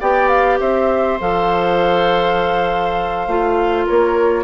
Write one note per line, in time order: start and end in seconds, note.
0.00 0.60 B3
0.00 1.20 G4
0.00 0.59 D5
0.00 0.29 G5
0.29 0.59 F5
0.60 1.20 C4
0.60 3.87 C5
0.60 1.19 E5
1.20 3.27 F3
1.20 3.28 A4
1.20 3.88 F5
3.27 3.86 A3
3.27 4.44 F4
3.87 4.44 A#3
3.87 4.44 A#4
3.87 4.44 C#5